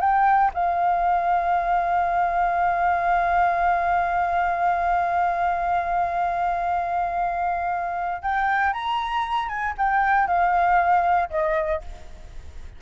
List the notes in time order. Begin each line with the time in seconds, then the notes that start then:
0.00 G5
0.54 F5
8.22 G5
8.73 A#5
9.49 G#5
9.78 G5
10.27 F5
11.30 D#5